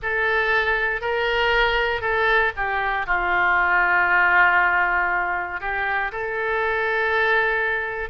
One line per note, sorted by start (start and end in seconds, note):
0.02 1.01 A4
1.01 2.01 A#4
2.01 2.51 A4
2.56 3.06 G4
3.06 5.60 F4
5.60 6.11 G4
6.12 8.09 A4